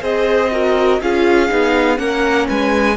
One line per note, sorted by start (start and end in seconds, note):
0.00 1.00 C4
0.00 0.49 G#4
0.00 0.51 C5
0.00 1.02 D#5
0.51 1.00 F#4
0.51 1.02 A#4
1.01 1.50 C#4
1.01 1.49 F4
1.01 1.99 G#4
1.01 1.98 F5
1.49 1.98 B3
1.49 1.97 D#4
1.97 2.47 A#3
1.97 2.95 C#4
1.97 2.47 A#4
1.97 2.47 F#5
2.47 2.96 G#3
2.47 2.96 B4
2.47 2.96 G#5